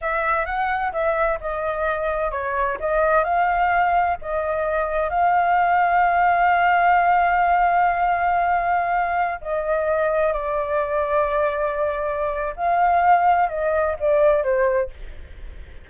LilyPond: \new Staff \with { instrumentName = "flute" } { \time 4/4 \tempo 4 = 129 e''4 fis''4 e''4 dis''4~ | dis''4 cis''4 dis''4 f''4~ | f''4 dis''2 f''4~ | f''1~ |
f''1~ | f''16 dis''2 d''4.~ d''16~ | d''2. f''4~ | f''4 dis''4 d''4 c''4 | }